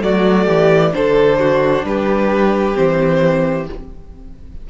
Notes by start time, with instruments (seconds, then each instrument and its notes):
0.00 cello F#3, viola A3, violin F#4 D5
0.45 cello E3, violin G4
0.92 cello D3, viola D4, violin A4 C5
1.39 violin F#4
1.83 cello G3, violin G4 B4
2.73 cello E3, viola C4, violin C5